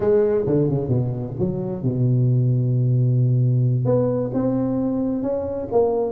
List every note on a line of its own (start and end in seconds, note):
0.00 0.44 G#3
0.46 0.68 D3
0.68 0.88 C#3
0.88 1.33 B2
1.39 1.83 F#3
1.83 3.85 B2
3.85 4.30 B3
4.33 5.22 C4
5.22 5.68 C#4
5.71 6.12 A#3